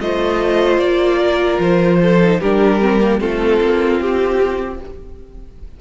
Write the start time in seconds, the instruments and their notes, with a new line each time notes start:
0.00 cello A3, viola F4, violin C5 D#5
0.79 cello A#3, violin D5
1.19 violin A#4
1.59 cello F3, violin C5
2.02 violin A4
2.22 viola D#4
2.41 cello G3, viola D4, violin G4 A#4
2.81 viola C4
3.01 viola A#3
3.19 cello A3, viola C4, violin F4 A4
3.61 cello A#3
4.00 cello C4, violin G4